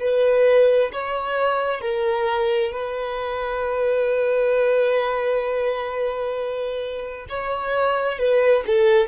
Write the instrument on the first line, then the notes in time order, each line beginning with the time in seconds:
violin
0.00 B4
0.93 C#5
1.81 A#4
2.72 B4
7.29 C#5
8.19 B4
8.67 A4